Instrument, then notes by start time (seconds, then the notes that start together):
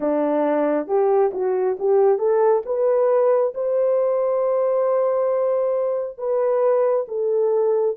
horn
0.00 D4
0.87 G4
1.33 F#4
1.79 G4
2.18 A4
2.65 B4
3.54 C5
6.18 B4
7.08 A4